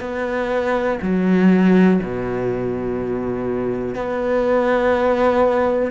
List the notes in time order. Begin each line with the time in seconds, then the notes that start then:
0.00 B3
1.01 F#3
2.02 B2
3.95 B3